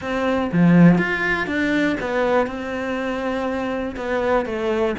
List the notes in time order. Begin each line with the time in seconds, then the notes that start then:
0.01 C4
0.52 F3
0.98 F4
1.46 D4
2.00 B3
2.47 C4
3.96 B3
4.45 A3